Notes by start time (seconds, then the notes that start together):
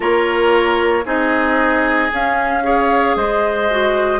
0.00 A#3 F4 A#4 C#5
1.04 C4 D#4 G#4 D#5
2.11 C#4 F5
2.63 G#4 C#5
3.16 G#3 C5 D#5
3.70 F#4